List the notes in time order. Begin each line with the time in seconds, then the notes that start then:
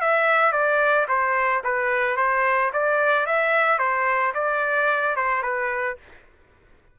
0.00 E5
0.52 D5
1.08 C5
1.63 B4
2.16 C5
2.73 D5
3.26 E5
3.78 C5
4.34 D5
5.16 C5
5.42 B4